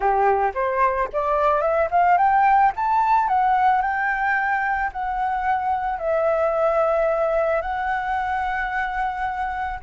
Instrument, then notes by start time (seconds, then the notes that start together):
flute
0.00 G4
0.54 C5
1.12 D5
1.61 E5
1.90 F5
2.17 G5
2.75 A5
3.28 F#5
3.81 G5
4.92 F#5
5.99 E5
7.61 F#5